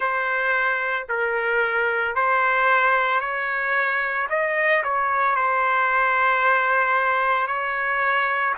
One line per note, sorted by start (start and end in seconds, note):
0.00 1.07 C5
1.08 2.15 A#4
2.15 3.20 C5
3.20 4.27 C#5
4.29 4.83 D#5
4.83 5.35 C#5
5.35 7.47 C5
7.47 8.54 C#5